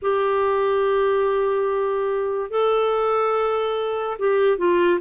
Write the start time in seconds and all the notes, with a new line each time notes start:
0.02 G4
2.50 A4
4.18 G4
4.58 F4